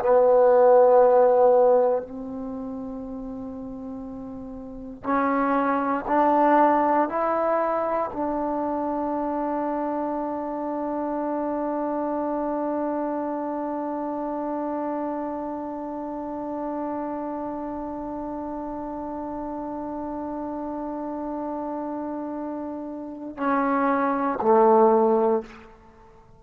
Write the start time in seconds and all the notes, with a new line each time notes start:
0.00 B3
2.02 C4
5.03 C#4
6.08 D4
7.09 E4
8.13 D4
23.37 C#4
24.42 A3